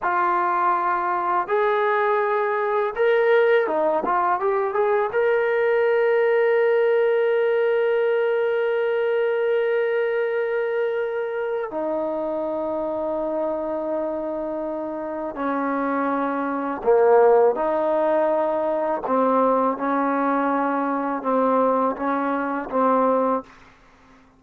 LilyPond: \new Staff \with { instrumentName = "trombone" } { \time 4/4 \tempo 4 = 82 f'2 gis'2 | ais'4 dis'8 f'8 g'8 gis'8 ais'4~ | ais'1~ | ais'1 |
dis'1~ | dis'4 cis'2 ais4 | dis'2 c'4 cis'4~ | cis'4 c'4 cis'4 c'4 | }